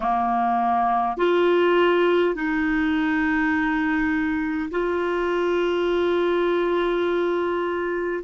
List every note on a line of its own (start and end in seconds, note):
0.00 1.17 A#3
1.17 2.34 F4
2.34 4.70 D#4
4.71 8.24 F4